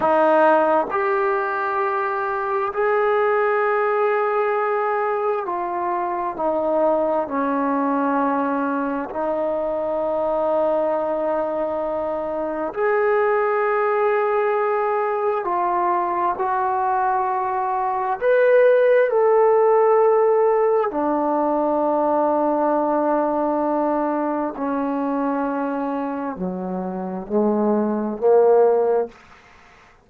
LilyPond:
\new Staff \with { instrumentName = "trombone" } { \time 4/4 \tempo 4 = 66 dis'4 g'2 gis'4~ | gis'2 f'4 dis'4 | cis'2 dis'2~ | dis'2 gis'2~ |
gis'4 f'4 fis'2 | b'4 a'2 d'4~ | d'2. cis'4~ | cis'4 fis4 gis4 ais4 | }